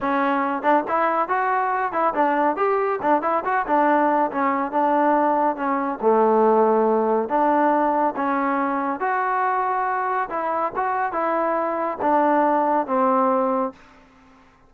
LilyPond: \new Staff \with { instrumentName = "trombone" } { \time 4/4 \tempo 4 = 140 cis'4. d'8 e'4 fis'4~ | fis'8 e'8 d'4 g'4 d'8 e'8 | fis'8 d'4. cis'4 d'4~ | d'4 cis'4 a2~ |
a4 d'2 cis'4~ | cis'4 fis'2. | e'4 fis'4 e'2 | d'2 c'2 | }